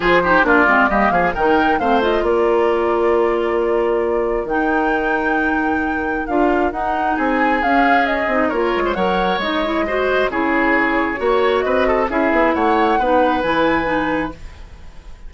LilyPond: <<
  \new Staff \with { instrumentName = "flute" } { \time 4/4 \tempo 4 = 134 c''4 d''4 dis''8 f''8 g''4 | f''8 dis''8 d''2.~ | d''2 g''2~ | g''2 f''4 fis''4 |
gis''4 f''4 dis''4 cis''4 | fis''4 dis''2 cis''4~ | cis''2 dis''4 e''4 | fis''2 gis''2 | }
  \new Staff \with { instrumentName = "oboe" } { \time 4/4 gis'8 g'8 f'4 g'8 gis'8 ais'4 | c''4 ais'2.~ | ais'1~ | ais'1 |
gis'2. ais'8. c''16 | cis''2 c''4 gis'4~ | gis'4 cis''4 b'8 a'8 gis'4 | cis''4 b'2. | }
  \new Staff \with { instrumentName = "clarinet" } { \time 4/4 f'8 dis'8 d'8 c'8 ais4 dis'4 | c'8 f'2.~ f'8~ | f'2 dis'2~ | dis'2 f'4 dis'4~ |
dis'4 cis'4. dis'8 f'4 | ais'4 dis'8 e'8 fis'4 e'4~ | e'4 fis'2 e'4~ | e'4 dis'4 e'4 dis'4 | }
  \new Staff \with { instrumentName = "bassoon" } { \time 4/4 f4 ais8 gis8 g8 f8 dis4 | a4 ais2.~ | ais2 dis2~ | dis2 d'4 dis'4 |
c'4 cis'4. c'8 ais8 gis8 | fis4 gis2 cis4~ | cis4 ais4 c'4 cis'8 b8 | a4 b4 e2 | }
>>